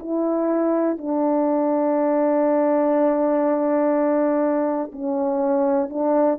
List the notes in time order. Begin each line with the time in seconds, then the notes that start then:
0.00 E4
0.98 D4
4.93 C#4
5.90 D4